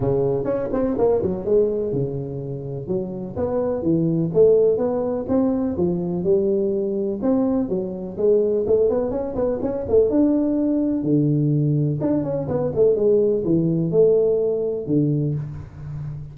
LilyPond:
\new Staff \with { instrumentName = "tuba" } { \time 4/4 \tempo 4 = 125 cis4 cis'8 c'8 ais8 fis8 gis4 | cis2 fis4 b4 | e4 a4 b4 c'4 | f4 g2 c'4 |
fis4 gis4 a8 b8 cis'8 b8 | cis'8 a8 d'2 d4~ | d4 d'8 cis'8 b8 a8 gis4 | e4 a2 d4 | }